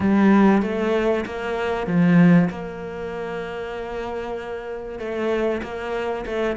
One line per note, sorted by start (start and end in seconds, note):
0.00 0.62 G3
0.62 1.24 A3
1.25 1.86 A#3
1.86 2.49 F3
2.50 4.99 A#3
4.99 5.61 A3
5.62 6.25 A#3
6.26 6.56 A3